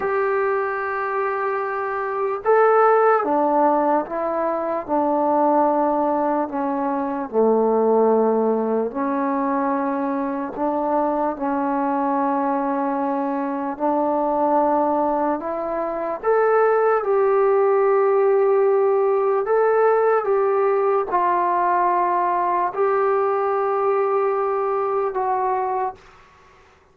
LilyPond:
\new Staff \with { instrumentName = "trombone" } { \time 4/4 \tempo 4 = 74 g'2. a'4 | d'4 e'4 d'2 | cis'4 a2 cis'4~ | cis'4 d'4 cis'2~ |
cis'4 d'2 e'4 | a'4 g'2. | a'4 g'4 f'2 | g'2. fis'4 | }